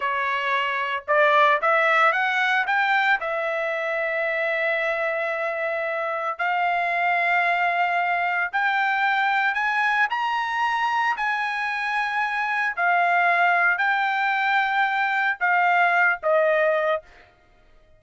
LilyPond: \new Staff \with { instrumentName = "trumpet" } { \time 4/4 \tempo 4 = 113 cis''2 d''4 e''4 | fis''4 g''4 e''2~ | e''1 | f''1 |
g''2 gis''4 ais''4~ | ais''4 gis''2. | f''2 g''2~ | g''4 f''4. dis''4. | }